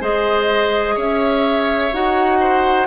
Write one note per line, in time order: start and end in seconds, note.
0.00 0.96 G#3
0.00 1.90 G#4
0.00 0.95 C5
0.00 0.97 D#5
0.95 1.91 C#4
0.95 2.38 C#5
0.95 1.93 E5
1.92 2.87 D#4
1.92 2.87 F#4
1.92 2.87 F#5
2.39 2.87 C5